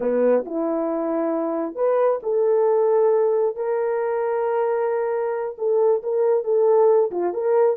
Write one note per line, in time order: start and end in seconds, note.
0.00 0.44 B3
0.45 1.75 E4
1.75 2.19 B4
2.22 3.56 A4
3.56 5.56 A#4
5.58 6.02 A4
6.03 6.44 A#4
6.44 7.10 A4
7.11 7.33 F4
7.33 7.76 A#4